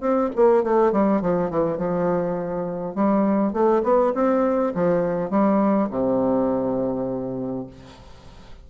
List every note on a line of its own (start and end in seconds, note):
0.00 0.29 C4
0.35 0.63 A#3
0.63 0.92 A3
0.92 1.21 G3
1.21 1.50 F3
1.50 1.77 E3
1.77 2.95 F3
2.95 3.52 G3
3.52 3.82 A3
3.83 4.13 B3
4.14 4.73 C4
4.74 5.30 F3
5.30 5.89 G3
5.90 7.66 C3